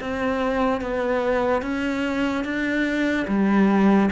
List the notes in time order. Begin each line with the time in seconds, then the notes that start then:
0.00 C4
0.81 B3
1.62 C#4
2.44 D4
3.27 G3